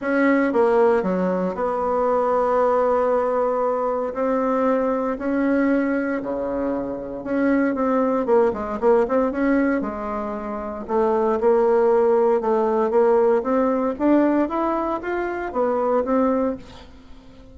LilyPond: \new Staff \with { instrumentName = "bassoon" } { \time 4/4 \tempo 4 = 116 cis'4 ais4 fis4 b4~ | b1 | c'2 cis'2 | cis2 cis'4 c'4 |
ais8 gis8 ais8 c'8 cis'4 gis4~ | gis4 a4 ais2 | a4 ais4 c'4 d'4 | e'4 f'4 b4 c'4 | }